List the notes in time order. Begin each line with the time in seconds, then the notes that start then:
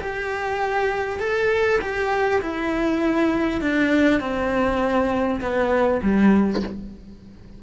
0.00 G4
1.19 A4
1.81 G4
2.41 E4
3.61 D4
4.20 C4
5.41 B3
6.02 G3